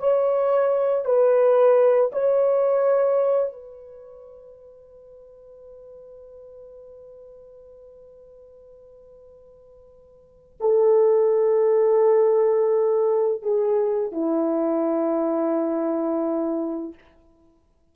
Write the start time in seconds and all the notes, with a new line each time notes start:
0.00 C#5
1.06 B4
2.13 C#5
3.53 B4
10.61 A4
13.42 G#4
14.12 E4